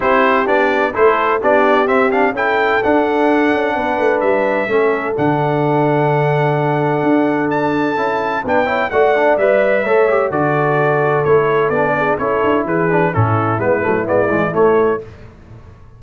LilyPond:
<<
  \new Staff \with { instrumentName = "trumpet" } { \time 4/4 \tempo 4 = 128 c''4 d''4 c''4 d''4 | e''8 f''8 g''4 fis''2~ | fis''4 e''2 fis''4~ | fis''1 |
a''2 g''4 fis''4 | e''2 d''2 | cis''4 d''4 cis''4 b'4 | a'4 b'4 d''4 cis''4 | }
  \new Staff \with { instrumentName = "horn" } { \time 4/4 g'2 a'4 g'4~ | g'4 a'2. | b'2 a'2~ | a'1~ |
a'2 b'8 cis''8 d''4~ | d''4 cis''4 a'2~ | a'4. gis'8 a'4 gis'4 | e'1 | }
  \new Staff \with { instrumentName = "trombone" } { \time 4/4 e'4 d'4 e'4 d'4 | c'8 d'8 e'4 d'2~ | d'2 cis'4 d'4~ | d'1~ |
d'4 e'4 d'8 e'8 fis'8 d'8 | b'4 a'8 g'8 fis'2 | e'4 d'4 e'4. d'8 | cis'4 b8 a8 b8 gis8 a4 | }
  \new Staff \with { instrumentName = "tuba" } { \time 4/4 c'4 b4 a4 b4 | c'4 cis'4 d'4. cis'8 | b8 a8 g4 a4 d4~ | d2. d'4~ |
d'4 cis'4 b4 a4 | g4 a4 d2 | a4 b4 cis'8 d'8 e4 | a,4 gis8 fis8 gis8 e8 a4 | }
>>